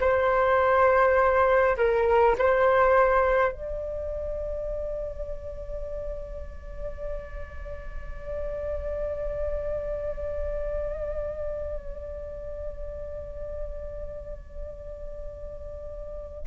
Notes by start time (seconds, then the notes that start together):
0.00 C5
1.77 A#4
2.39 C5
3.52 D5